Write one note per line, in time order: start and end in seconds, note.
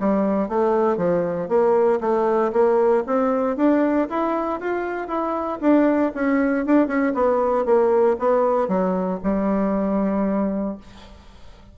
0.00 0.49 G3
0.49 0.97 A3
0.97 1.49 F3
1.49 2.00 A#3
2.01 2.52 A3
2.53 3.04 A#3
3.07 3.57 C4
3.57 4.08 D4
4.10 4.60 E4
4.60 5.08 F4
5.08 5.59 E4
5.61 6.13 D4
6.15 6.66 C#4
6.66 6.88 D4
6.88 7.13 C#4
7.14 7.65 B3
7.65 8.17 A#3
8.19 8.68 B3
8.68 9.20 F#3
9.24 10.78 G3